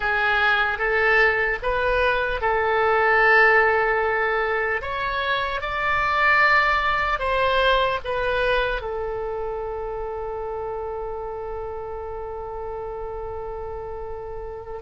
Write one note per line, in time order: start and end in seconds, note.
0.00 0.78 G#4
0.78 1.58 A4
1.62 2.41 B4
2.41 4.81 A4
4.81 5.61 C#5
5.61 7.19 D5
7.19 7.99 C5
8.04 8.81 B4
8.81 14.81 A4